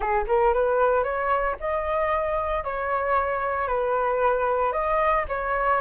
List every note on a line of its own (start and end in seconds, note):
0.00 0.25 G#4
0.27 0.53 A#4
0.53 1.03 B4
1.03 1.56 C#5
1.60 2.63 D#5
2.63 3.67 C#5
3.67 4.72 B4
4.72 5.25 D#5
5.28 5.81 C#5